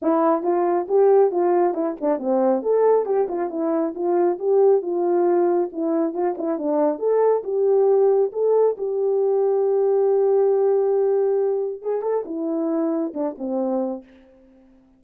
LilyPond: \new Staff \with { instrumentName = "horn" } { \time 4/4 \tempo 4 = 137 e'4 f'4 g'4 f'4 | e'8 d'8 c'4 a'4 g'8 f'8 | e'4 f'4 g'4 f'4~ | f'4 e'4 f'8 e'8 d'4 |
a'4 g'2 a'4 | g'1~ | g'2. gis'8 a'8 | e'2 d'8 c'4. | }